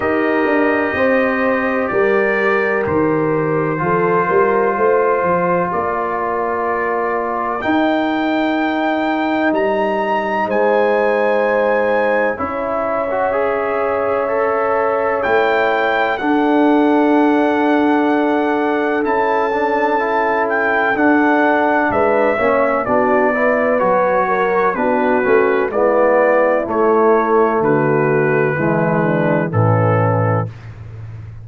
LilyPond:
<<
  \new Staff \with { instrumentName = "trumpet" } { \time 4/4 \tempo 4 = 63 dis''2 d''4 c''4~ | c''2 d''2 | g''2 ais''4 gis''4~ | gis''4 e''2. |
g''4 fis''2. | a''4. g''8 fis''4 e''4 | d''4 cis''4 b'4 d''4 | cis''4 b'2 a'4 | }
  \new Staff \with { instrumentName = "horn" } { \time 4/4 ais'4 c''4 ais'2 | a'8 ais'8 c''4 ais'2~ | ais'2. c''4~ | c''4 cis''2.~ |
cis''4 a'2.~ | a'2. b'8 cis''8 | fis'8 b'4 ais'8 fis'4 e'4~ | e'4 fis'4 e'8 d'8 cis'4 | }
  \new Staff \with { instrumentName = "trombone" } { \time 4/4 g'1 | f'1 | dis'1~ | dis'4 e'8. fis'16 gis'4 a'4 |
e'4 d'2. | e'8 d'8 e'4 d'4. cis'8 | d'8 e'8 fis'4 d'8 cis'8 b4 | a2 gis4 e4 | }
  \new Staff \with { instrumentName = "tuba" } { \time 4/4 dis'8 d'8 c'4 g4 dis4 | f8 g8 a8 f8 ais2 | dis'2 g4 gis4~ | gis4 cis'2. |
a4 d'2. | cis'2 d'4 gis8 ais8 | b4 fis4 b8 a8 gis4 | a4 d4 e4 a,4 | }
>>